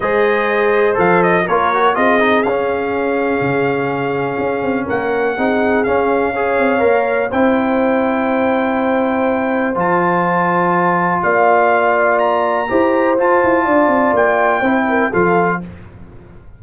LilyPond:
<<
  \new Staff \with { instrumentName = "trumpet" } { \time 4/4 \tempo 4 = 123 dis''2 f''8 dis''8 cis''4 | dis''4 f''2.~ | f''2 fis''2 | f''2. g''4~ |
g''1 | a''2. f''4~ | f''4 ais''2 a''4~ | a''4 g''2 f''4 | }
  \new Staff \with { instrumentName = "horn" } { \time 4/4 c''2. ais'4 | gis'1~ | gis'2 ais'4 gis'4~ | gis'4 cis''2 c''4~ |
c''1~ | c''2. d''4~ | d''2 c''2 | d''2 c''8 ais'8 a'4 | }
  \new Staff \with { instrumentName = "trombone" } { \time 4/4 gis'2 a'4 f'8 fis'8 | f'8 dis'8 cis'2.~ | cis'2. dis'4 | cis'4 gis'4 ais'4 e'4~ |
e'1 | f'1~ | f'2 g'4 f'4~ | f'2 e'4 f'4 | }
  \new Staff \with { instrumentName = "tuba" } { \time 4/4 gis2 f4 ais4 | c'4 cis'2 cis4~ | cis4 cis'8 c'8 ais4 c'4 | cis'4. c'8 ais4 c'4~ |
c'1 | f2. ais4~ | ais2 e'4 f'8 e'8 | d'8 c'8 ais4 c'4 f4 | }
>>